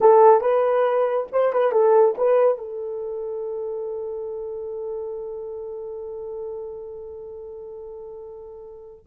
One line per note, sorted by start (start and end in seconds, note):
0.00 0.40 A4
0.40 1.27 B4
1.32 1.52 C5
1.52 1.72 B4
1.72 2.15 A4
2.17 2.58 B4
2.58 9.05 A4